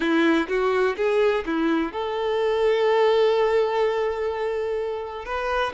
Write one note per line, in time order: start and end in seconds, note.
0.00 0.47 E4
0.48 0.95 F#4
0.96 1.44 G#4
1.45 1.92 E4
1.92 5.25 A4
5.25 5.73 B4